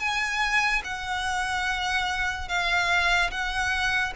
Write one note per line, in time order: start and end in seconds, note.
0.00 0.82 G#5
0.84 2.48 F#5
2.48 3.31 F5
3.31 4.14 F#5